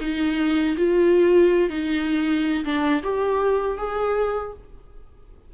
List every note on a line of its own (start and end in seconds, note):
0.00 0.76 D#4
0.77 1.69 F4
1.69 2.64 D#4
2.64 3.02 D4
3.03 3.77 G4
3.77 4.53 G#4